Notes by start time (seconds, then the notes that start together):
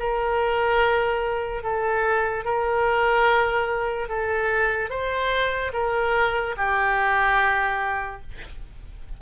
0.00 A#4
1.63 A4
2.45 A#4
4.09 A4
4.90 C5
5.73 A#4
6.58 G4